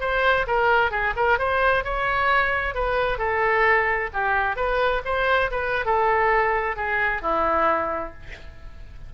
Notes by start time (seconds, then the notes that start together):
0.00 C5
0.47 A#4
0.91 G#4
1.16 A#4
1.38 C5
1.84 C#5
2.74 B4
3.18 A4
4.13 G4
4.56 B4
5.05 C5
5.51 B4
5.85 A4
6.76 G#4
7.22 E4